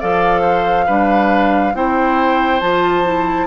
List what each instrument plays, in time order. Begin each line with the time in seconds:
0.00 bassoon F3, clarinet A4, oboe D5, flute F5
0.41 oboe C5
0.86 bassoon G3, clarinet D4, oboe B4
1.74 bassoon C4, clarinet E4, oboe C5, flute G5
2.61 bassoon F3, clarinet F4, flute A5
3.05 clarinet E4